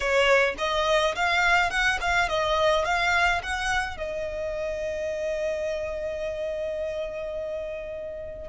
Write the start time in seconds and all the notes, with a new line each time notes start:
0.00 C#5
0.58 D#5
1.15 F5
1.70 F#5
2.00 F5
2.28 D#5
2.85 F5
3.42 F#5
3.97 D#5